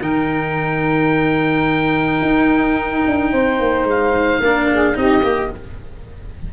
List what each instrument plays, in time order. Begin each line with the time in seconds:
0.00 tuba D#3, cello D#4, saxophone A#4, oboe G5
2.21 tuba D#4
3.07 tuba D4
3.31 tuba C4, saxophone C5
3.59 tuba A#3
3.83 tuba G#3
3.90 oboe F5
4.39 tuba A#3, cello D4, saxophone A#4
4.70 saxophone G#4
4.94 tuba C4, cello D#4, saxophone G4, oboe D#5
5.23 tuba A#3, cello G4